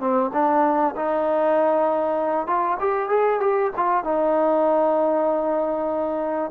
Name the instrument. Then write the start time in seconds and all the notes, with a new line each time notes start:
trombone
0.00 C4
0.33 D4
0.96 D#4
2.47 F4
2.80 G4
3.09 G#4
3.40 G4
3.76 F4
4.04 D#4